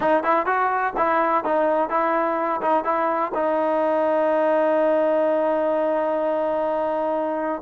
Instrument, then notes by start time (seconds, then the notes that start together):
trombone
0.00 D#4
0.23 E4
0.45 F#4
0.96 E4
1.44 D#4
1.89 E4
2.61 D#4
2.84 E4
3.34 D#4